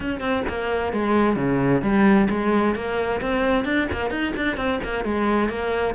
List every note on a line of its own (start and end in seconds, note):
0.00 0.20 C#4
0.20 0.43 C4
0.48 0.92 A#3
0.92 1.36 G#3
1.36 1.82 C#3
1.82 2.28 G3
2.29 2.75 G#3
2.75 3.20 A#3
3.21 3.64 C4
3.64 3.87 D4
3.91 4.10 A#3
4.10 4.33 D#4
4.36 4.56 D4
4.56 4.79 C4
4.83 5.04 A#3
5.04 5.49 G#3
5.49 5.94 A#3